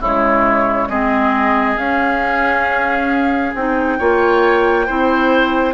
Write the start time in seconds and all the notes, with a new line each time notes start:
0.00 C#3 G#3 E4 C#5
0.89 G#3 C4 G#4 D#5
1.76 C#4 F5
3.54 C4 D#4 G5
3.98 A#3 F4 C#5
4.86 C4 E4 C5